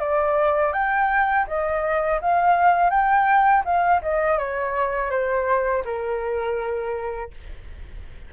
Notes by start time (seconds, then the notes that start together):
0.00 D5
0.73 G5
1.48 D#5
2.22 F5
2.90 G5
3.65 F5
4.02 D#5
4.39 C#5
5.11 C5
5.85 A#4